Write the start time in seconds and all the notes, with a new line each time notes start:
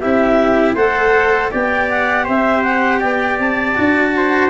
0.00 C4 E4 G4 E5
0.75 A3 A4 C5 F#5
1.51 B3 G4 D5 G5
1.90 F#5
2.24 C4 C5 E5
2.62 F#5
2.99 B3 D5 G5
3.39 C4 A5
3.75 D4 F#4
4.17 C5